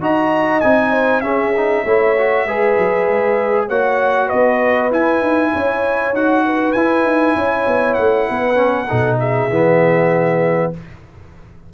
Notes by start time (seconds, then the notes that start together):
0.00 D#4 F#4 D#5 A#5
0.60 C4 D#4 G#5
0.91 C5
1.21 C#4 G#4 E5
1.57 D#4
1.84 A3 E4 C#5
2.17 F#4
2.45 G#3 G#4 B4
2.78 F#3
3.08 G#3
3.68 A#3 F#4 C#5 F#5
4.27 B4 D#5
4.33 B3
4.91 E4 G#5
5.21 D#4
5.53 C#4 C#5
6.13 D#4 F#4 F#5
6.46 B4
6.72 E4 G#5
7.04 D#4
7.35 C#4 C#5
7.67 B3
7.94 A3 F#5
8.29 B3 B4
8.55 C#4
8.88 B2 D#4 A4
9.19 G#4 E5
9.49 E3 B3